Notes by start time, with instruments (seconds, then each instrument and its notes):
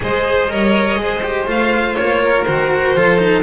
0.00 double bass G#3, cello G#4, violin C5 D#5
0.48 double bass G3, cello A#4, violin C#5
0.96 double bass G#3, cello G#4, violin C5
1.23 cello G4
1.46 double bass A3, cello F4, violin F5
1.95 double bass A#3, violin C#5
2.22 violin A#4
2.44 double bass D#3, cello F#4, violin C5
2.95 double bass F3, cello F4, violin A4
3.17 cello D#4